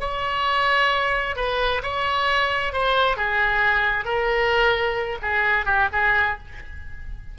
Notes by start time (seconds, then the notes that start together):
0.00 C#5
1.36 B4
1.83 C#5
2.73 C5
3.17 G#4
4.05 A#4
5.23 G#4
5.66 G4
5.93 G#4